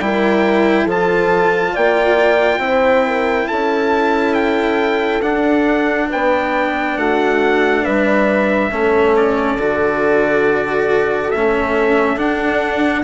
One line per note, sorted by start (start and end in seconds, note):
0.00 0.86 G3
0.00 0.89 E4
0.00 0.84 A#4
0.00 0.87 G5
0.84 1.73 F3
0.84 2.60 F4
0.84 1.71 A4
0.91 1.76 A5
1.73 2.58 A#3
1.73 2.60 D5
1.73 3.48 G5
2.58 3.45 C4
2.58 5.21 E4
2.58 3.07 C5
3.07 3.48 A#4
3.48 5.22 C#4
3.48 6.09 A4
3.48 4.34 A5
4.34 5.21 G5
5.22 6.09 D4
5.22 8.70 D4
5.22 6.09 F#5
6.09 6.97 B3
6.09 6.96 B4
6.09 6.98 G5
6.97 7.84 A3
6.97 7.83 F#4
6.97 7.85 F#5
7.83 8.71 G3
7.83 8.70 B4
7.83 9.15 E5
8.71 9.57 A3
8.71 9.58 C#4
8.71 13.05 A4
9.16 11.31 D5
9.57 11.30 D3
9.57 11.33 F#4
11.31 12.17 A3
11.31 12.17 C#4
11.31 12.18 E5
12.17 13.04 D4
12.17 13.05 F#5